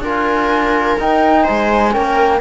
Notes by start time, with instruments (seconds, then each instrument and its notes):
0.00 cello D4, trombone F4, viola A#4, flute G#5
0.99 trombone D#4, cello D#4, flute G5
1.44 cello G#3, viola C5, flute G#5
1.92 cello A#3, trombone C#4, viola A#4, flute G5